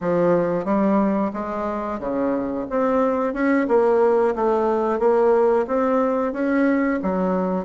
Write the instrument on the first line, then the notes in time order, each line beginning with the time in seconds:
bassoon
0.01 F3
0.65 G3
1.33 G#3
1.99 C#3
2.70 C4
3.33 C#4
3.68 A#3
4.35 A3
4.99 A#3
5.67 C4
6.32 C#4
7.02 F#3